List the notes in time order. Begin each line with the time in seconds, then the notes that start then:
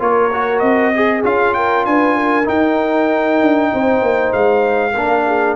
0.00 A#3 F4 A#4 C#5
0.33 F#4
0.60 C4 D#5
0.96 G#4
1.24 C#4 F4 F5
1.54 A#4 G5
1.86 D4 B4 G#5
2.16 A#4
2.45 D#4 G5
3.41 D4
3.74 C4 C5
4.02 A#3
4.33 G#3 F5
4.93 A#3 D4 A#4
5.27 G#4